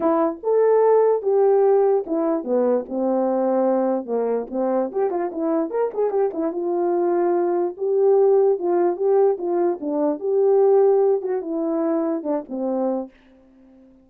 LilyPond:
\new Staff \with { instrumentName = "horn" } { \time 4/4 \tempo 4 = 147 e'4 a'2 g'4~ | g'4 e'4 b4 c'4~ | c'2 ais4 c'4 | g'8 f'8 e'4 ais'8 gis'8 g'8 e'8 |
f'2. g'4~ | g'4 f'4 g'4 f'4 | d'4 g'2~ g'8 fis'8 | e'2 d'8 c'4. | }